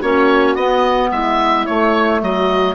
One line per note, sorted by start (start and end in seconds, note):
0.00 0.56 A#3
0.00 0.58 C#4
0.00 1.10 F#4
0.00 0.56 C#5
0.56 1.11 B3
0.56 1.68 B3
0.56 1.11 D#5
1.11 1.67 G#3
1.11 2.24 E4
1.11 1.66 E5
1.66 2.76 A3
1.66 2.22 A3
1.66 2.21 C#5
2.22 2.76 F#3
2.22 2.76 F#4
2.22 2.76 D#5